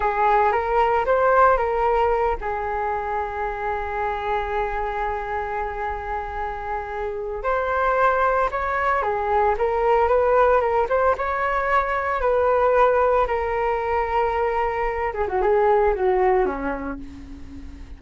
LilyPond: \new Staff \with { instrumentName = "flute" } { \time 4/4 \tempo 4 = 113 gis'4 ais'4 c''4 ais'4~ | ais'8 gis'2.~ gis'8~ | gis'1~ | gis'2 c''2 |
cis''4 gis'4 ais'4 b'4 | ais'8 c''8 cis''2 b'4~ | b'4 ais'2.~ | ais'8 gis'16 fis'16 gis'4 fis'4 cis'4 | }